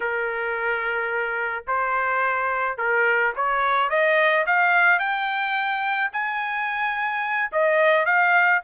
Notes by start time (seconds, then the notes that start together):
0.00 A#4
1.67 C5
2.77 A#4
3.36 C#5
3.89 D#5
4.46 F5
4.99 G5
6.12 G#5
7.52 D#5
8.05 F5